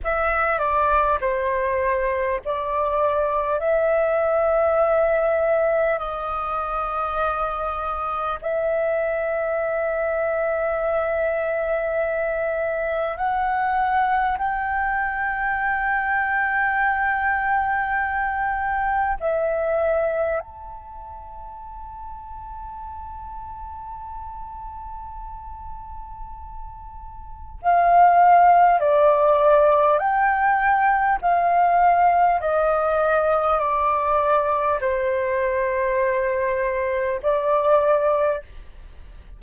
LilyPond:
\new Staff \with { instrumentName = "flute" } { \time 4/4 \tempo 4 = 50 e''8 d''8 c''4 d''4 e''4~ | e''4 dis''2 e''4~ | e''2. fis''4 | g''1 |
e''4 a''2.~ | a''2. f''4 | d''4 g''4 f''4 dis''4 | d''4 c''2 d''4 | }